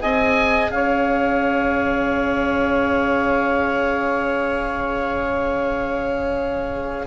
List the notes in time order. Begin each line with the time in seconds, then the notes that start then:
0.00 C4 G#4 D#5 G#5
0.68 C#4 C#5 F5